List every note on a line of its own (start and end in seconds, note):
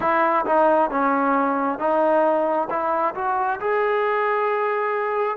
0.00 0.45 E4
0.45 0.90 D#4
0.90 1.78 C#4
1.78 2.68 D#4
2.69 3.14 E4
3.14 3.59 F#4
3.59 5.37 G#4